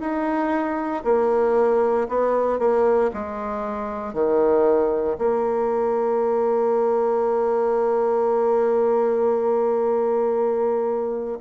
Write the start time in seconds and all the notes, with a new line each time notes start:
0.00 D#4
1.04 A#3
2.08 B3
2.59 A#3
3.14 G#3
4.14 D#3
5.18 A#3